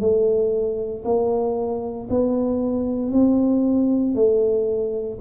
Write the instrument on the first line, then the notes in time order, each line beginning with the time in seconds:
tuba
0.00 A3
1.04 A#3
2.10 B3
3.12 C4
4.15 A3